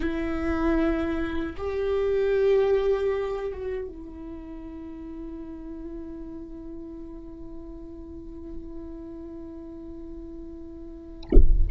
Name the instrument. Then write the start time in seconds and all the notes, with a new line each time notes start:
viola
0.00 E4
1.57 G4
3.52 F#4
3.88 E4